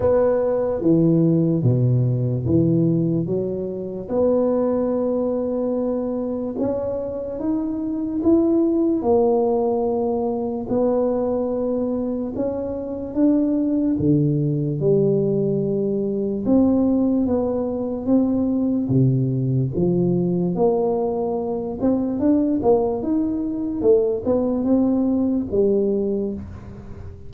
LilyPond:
\new Staff \with { instrumentName = "tuba" } { \time 4/4 \tempo 4 = 73 b4 e4 b,4 e4 | fis4 b2. | cis'4 dis'4 e'4 ais4~ | ais4 b2 cis'4 |
d'4 d4 g2 | c'4 b4 c'4 c4 | f4 ais4. c'8 d'8 ais8 | dis'4 a8 b8 c'4 g4 | }